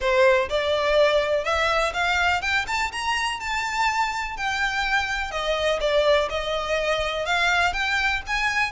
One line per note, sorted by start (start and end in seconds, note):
0.00 0.49 C5
0.49 1.44 D5
1.44 1.92 E5
1.93 2.41 F5
2.41 2.65 G5
2.67 2.91 A5
2.92 3.40 A#5
3.40 4.37 A5
4.37 5.31 G5
5.31 5.79 D#5
5.80 6.28 D5
6.29 7.25 D#5
7.25 7.73 F5
7.73 8.21 G5
8.26 8.71 G#5